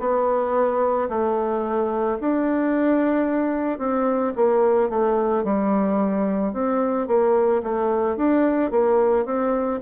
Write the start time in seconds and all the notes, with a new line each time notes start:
0.00 B3
1.09 A3
2.21 D4
3.79 C4
4.36 A#3
4.90 A3
5.44 G3
6.54 C4
7.08 A#3
7.64 A3
8.17 D4
8.71 A#3
9.26 C4